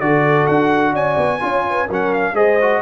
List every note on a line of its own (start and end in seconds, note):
0.00 0.48 D3
0.00 1.40 F#4
0.00 0.93 A4
0.00 0.47 D5
0.47 0.93 D4
0.47 0.94 F#5
0.93 1.16 C#4
0.93 1.40 D5
0.93 1.90 G#5
1.17 1.41 B3
1.40 1.89 C#4
1.40 1.87 F4
1.40 1.66 C#5
1.69 1.87 B4
1.87 2.33 F#3
1.87 2.35 C#4
1.87 2.34 A#4
1.87 2.13 F#5
2.13 2.36 F5
2.33 2.80 G#3
2.33 2.58 G#4
2.33 2.82 C5
2.33 2.82 D#5
2.61 2.82 F#4